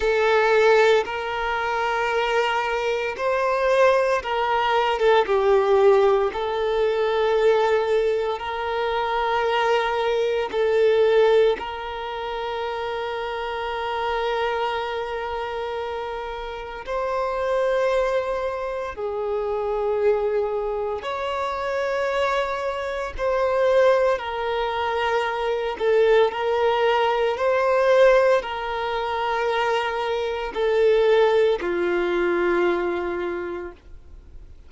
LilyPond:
\new Staff \with { instrumentName = "violin" } { \time 4/4 \tempo 4 = 57 a'4 ais'2 c''4 | ais'8. a'16 g'4 a'2 | ais'2 a'4 ais'4~ | ais'1 |
c''2 gis'2 | cis''2 c''4 ais'4~ | ais'8 a'8 ais'4 c''4 ais'4~ | ais'4 a'4 f'2 | }